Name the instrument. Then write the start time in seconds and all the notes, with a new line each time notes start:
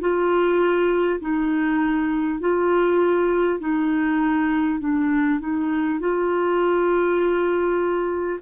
clarinet
0.00 F4
1.21 D#4
2.40 F4
3.60 D#4
4.79 D4
5.39 D#4
5.99 F4